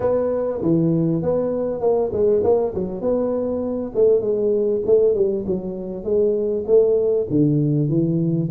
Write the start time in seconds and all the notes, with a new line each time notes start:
0.00 B3
0.62 E3
1.22 B3
1.80 A#3
2.12 G#3
2.43 A#3
2.74 F#3
3.01 B3
3.94 A3
4.20 G#3
4.85 A3
5.14 G3
5.46 F#3
6.04 G#3
6.66 A3
7.29 D3
7.88 E3